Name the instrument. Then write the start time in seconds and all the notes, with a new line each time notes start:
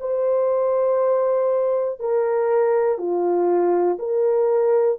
horn
0.00 C5
1.99 A#4
2.98 F4
3.98 A#4